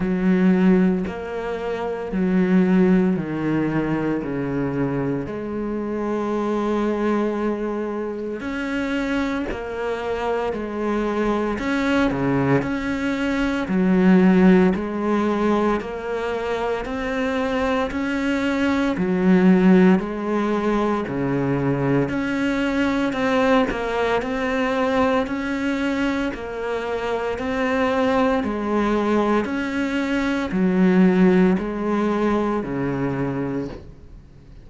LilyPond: \new Staff \with { instrumentName = "cello" } { \time 4/4 \tempo 4 = 57 fis4 ais4 fis4 dis4 | cis4 gis2. | cis'4 ais4 gis4 cis'8 cis8 | cis'4 fis4 gis4 ais4 |
c'4 cis'4 fis4 gis4 | cis4 cis'4 c'8 ais8 c'4 | cis'4 ais4 c'4 gis4 | cis'4 fis4 gis4 cis4 | }